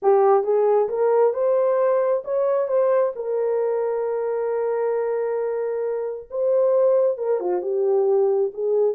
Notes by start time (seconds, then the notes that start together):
0.02 G4
0.43 G#4
0.88 A#4
1.33 C5
2.24 C#5
2.68 C5
3.15 A#4
6.30 C5
7.17 A#4
7.40 F4
7.62 G4
8.53 G#4